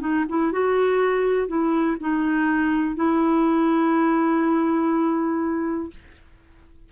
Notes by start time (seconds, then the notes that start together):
0.00 D#4
0.29 E4
0.52 F#4
1.48 E4
2.00 D#4
2.96 E4